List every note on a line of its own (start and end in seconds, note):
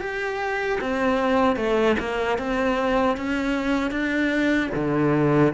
0.00 0.79 G4
0.81 1.56 C4
1.56 1.96 A3
1.99 2.38 A#3
2.38 3.17 C4
3.17 3.91 C#4
3.91 4.70 D4
4.75 5.53 D3